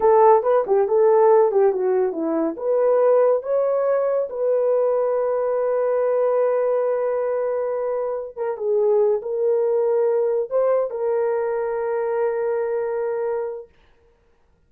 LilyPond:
\new Staff \with { instrumentName = "horn" } { \time 4/4 \tempo 4 = 140 a'4 b'8 g'8 a'4. g'8 | fis'4 e'4 b'2 | cis''2 b'2~ | b'1~ |
b'2.~ b'8 ais'8 | gis'4. ais'2~ ais'8~ | ais'8 c''4 ais'2~ ais'8~ | ais'1 | }